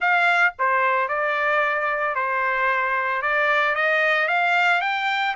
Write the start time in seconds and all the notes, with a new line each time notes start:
0.00 F5
0.58 C5
1.08 D5
2.15 C5
3.21 D5
3.75 D#5
4.28 F5
4.81 G5